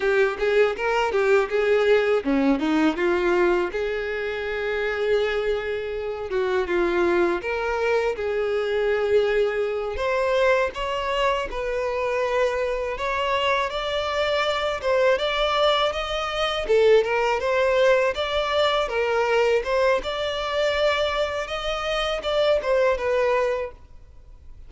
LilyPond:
\new Staff \with { instrumentName = "violin" } { \time 4/4 \tempo 4 = 81 g'8 gis'8 ais'8 g'8 gis'4 cis'8 dis'8 | f'4 gis'2.~ | gis'8 fis'8 f'4 ais'4 gis'4~ | gis'4. c''4 cis''4 b'8~ |
b'4. cis''4 d''4. | c''8 d''4 dis''4 a'8 ais'8 c''8~ | c''8 d''4 ais'4 c''8 d''4~ | d''4 dis''4 d''8 c''8 b'4 | }